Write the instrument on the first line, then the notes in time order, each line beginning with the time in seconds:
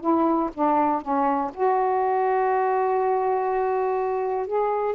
saxophone
0.00 E4
0.53 D4
1.01 C#4
1.54 F#4
4.47 G#4